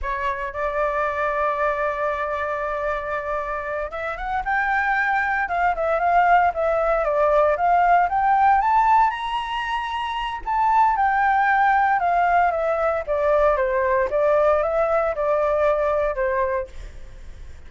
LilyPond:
\new Staff \with { instrumentName = "flute" } { \time 4/4 \tempo 4 = 115 cis''4 d''2.~ | d''2.~ d''8 e''8 | fis''8 g''2 f''8 e''8 f''8~ | f''8 e''4 d''4 f''4 g''8~ |
g''8 a''4 ais''2~ ais''8 | a''4 g''2 f''4 | e''4 d''4 c''4 d''4 | e''4 d''2 c''4 | }